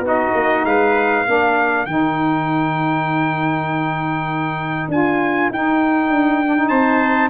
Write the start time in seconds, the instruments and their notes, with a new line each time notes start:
0.00 tuba B3, saxophone D#4, trumpet F#4
0.08 trumpet D#5
0.34 tuba A#3
0.65 tuba G#3, trumpet B4 F5
1.26 tuba A#3, saxophone D4, trumpet A#4
1.86 tuba D#3, saxophone D#4, trumpet G5
4.88 tuba D4, saxophone F4, trumpet G#5
5.50 tuba D#4, saxophone D#4, trumpet G5
6.10 tuba D4
6.45 saxophone D4
6.56 saxophone D#4
6.68 tuba C4, trumpet C5 A5